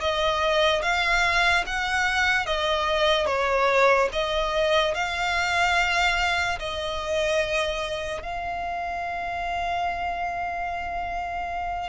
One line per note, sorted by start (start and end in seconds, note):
0.00 0.82 D#5
0.82 1.64 F5
1.66 2.46 F#5
2.46 3.26 D#5
3.26 4.08 C#5
4.12 4.94 D#5
4.94 6.59 F5
6.59 8.22 D#5
8.22 11.89 F5